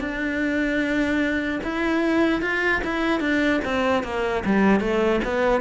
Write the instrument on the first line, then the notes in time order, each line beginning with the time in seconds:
cello
0.00 D4
1.63 E4
2.41 F4
2.84 E4
3.20 D4
3.64 C4
4.03 A#3
4.45 G3
4.80 A3
5.24 B3